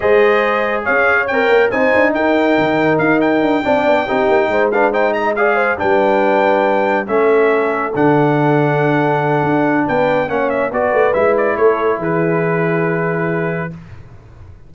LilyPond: <<
  \new Staff \with { instrumentName = "trumpet" } { \time 4/4 \tempo 4 = 140 dis''2 f''4 g''4 | gis''4 g''2 f''8 g''8~ | g''2. f''8 g''8 | ais''8 f''4 g''2~ g''8~ |
g''8 e''2 fis''4.~ | fis''2. g''4 | fis''8 e''8 d''4 e''8 d''8 cis''4 | b'1 | }
  \new Staff \with { instrumentName = "horn" } { \time 4/4 c''2 cis''2 | c''4 ais'2.~ | ais'8 d''4 g'4 c''8 b'8 c''8 | dis''8 d''8 c''8 b'2~ b'8~ |
b'8 a'2.~ a'8~ | a'2. b'4 | cis''4 b'2 a'4 | gis'1 | }
  \new Staff \with { instrumentName = "trombone" } { \time 4/4 gis'2. ais'4 | dis'1~ | dis'8 d'4 dis'4. d'8 dis'8~ | dis'8 gis'4 d'2~ d'8~ |
d'8 cis'2 d'4.~ | d'1 | cis'4 fis'4 e'2~ | e'1 | }
  \new Staff \with { instrumentName = "tuba" } { \time 4/4 gis2 cis'4 c'8 ais8 | c'8 d'8 dis'4 dis4 dis'4 | d'8 c'8 b8 c'8 ais8 gis4.~ | gis4. g2~ g8~ |
g8 a2 d4.~ | d2 d'4 b4 | ais4 b8 a8 gis4 a4 | e1 | }
>>